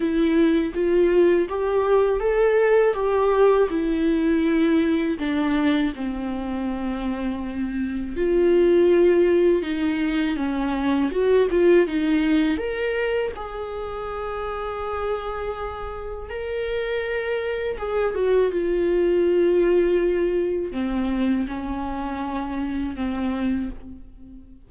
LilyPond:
\new Staff \with { instrumentName = "viola" } { \time 4/4 \tempo 4 = 81 e'4 f'4 g'4 a'4 | g'4 e'2 d'4 | c'2. f'4~ | f'4 dis'4 cis'4 fis'8 f'8 |
dis'4 ais'4 gis'2~ | gis'2 ais'2 | gis'8 fis'8 f'2. | c'4 cis'2 c'4 | }